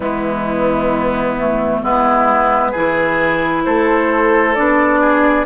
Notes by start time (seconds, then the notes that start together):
0.00 E3 G#3 B3 E4
1.38 A3
1.81 G#3 B3 E4 B4
2.71 E3 E4 G#4
3.65 A3 A4 C5
4.54 B3 D4 D5
5.00 G#4